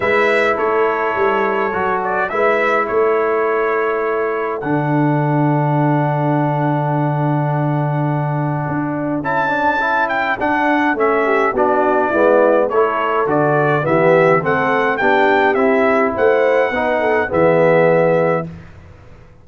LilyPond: <<
  \new Staff \with { instrumentName = "trumpet" } { \time 4/4 \tempo 4 = 104 e''4 cis''2~ cis''8 d''8 | e''4 cis''2. | fis''1~ | fis''1 |
a''4. g''8 fis''4 e''4 | d''2 cis''4 d''4 | e''4 fis''4 g''4 e''4 | fis''2 e''2 | }
  \new Staff \with { instrumentName = "horn" } { \time 4/4 b'4 a'2. | b'4 a'2.~ | a'1~ | a'1~ |
a'2.~ a'8 g'8 | fis'4 e'4 a'2 | g'4 a'4 g'2 | c''4 b'8 a'8 gis'2 | }
  \new Staff \with { instrumentName = "trombone" } { \time 4/4 e'2. fis'4 | e'1 | d'1~ | d'1 |
e'8 d'8 e'4 d'4 cis'4 | d'4 b4 e'4 fis'4 | b4 c'4 d'4 e'4~ | e'4 dis'4 b2 | }
  \new Staff \with { instrumentName = "tuba" } { \time 4/4 gis4 a4 g4 fis4 | gis4 a2. | d1~ | d2. d'4 |
cis'2 d'4 a4 | b4 gis4 a4 d4 | e4 a4 b4 c'4 | a4 b4 e2 | }
>>